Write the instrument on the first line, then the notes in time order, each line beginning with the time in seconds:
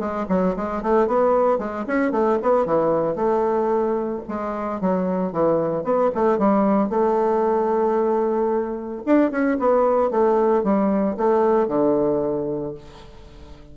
bassoon
0.00 G#3
0.29 F#3
0.57 G#3
0.83 A3
1.08 B3
1.59 G#3
1.88 C#4
2.12 A3
2.43 B3
2.66 E3
3.16 A3
4.29 G#3
4.81 F#3
5.33 E3
5.84 B3
6.15 A3
6.39 G3
6.90 A3
9.07 D4
9.32 C#4
9.60 B3
10.11 A3
10.64 G3
11.18 A3
11.69 D3